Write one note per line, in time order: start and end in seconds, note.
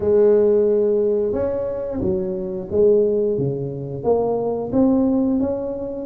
0.00 1.33 G#3
1.33 2.00 C#4
2.00 2.68 F#3
2.71 3.37 G#3
3.37 4.03 C#3
4.03 4.71 A#3
4.72 5.39 C4
5.40 6.06 C#4